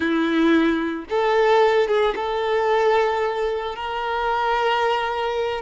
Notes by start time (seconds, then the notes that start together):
0.00 E4
1.09 A4
1.87 G#4
2.15 A4
3.75 A#4